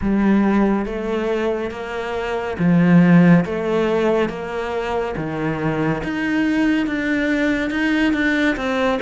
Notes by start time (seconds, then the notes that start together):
0.01 G3
0.85 A3
1.71 A#3
2.59 F3
3.45 A3
4.29 A#3
5.17 D#3
6.03 D#4
6.86 D4
7.70 D#4
8.13 D4
8.56 C4